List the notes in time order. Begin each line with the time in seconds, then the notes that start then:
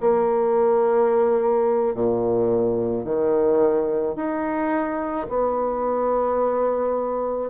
0.00 A#3
1.94 A#2
3.05 D#3
4.16 D#4
5.29 B3